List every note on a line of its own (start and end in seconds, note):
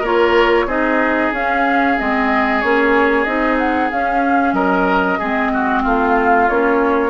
0.00 0.66 A#3
0.00 0.68 F4
0.00 0.65 A#4
0.00 0.69 C#5
0.66 1.30 C4
0.66 1.33 D#4
0.66 4.54 G#4
0.66 1.33 D#5
1.32 1.96 C#4
1.32 1.98 C#4
1.32 1.99 F5
1.98 2.63 G#3
1.98 2.63 C4
1.98 2.61 D#5
2.61 3.26 A#3
2.61 3.26 C#4
2.61 3.23 C#5
3.23 3.91 C4
3.23 3.91 D#4
3.23 3.56 D#5
3.58 3.90 F#5
3.91 4.52 C#4
3.91 5.21 C#4
3.91 4.53 F5
4.52 5.17 F#3
4.52 5.19 A#4
4.52 5.82 D#5
5.19 5.85 G#3
5.19 6.50 C4
5.19 5.51 G#4
5.53 5.82 F#4
5.82 6.49 A3
5.82 7.10 F4
5.82 6.49 F5
6.49 7.10 A#3
6.49 7.10 C#4
6.49 7.10 C#5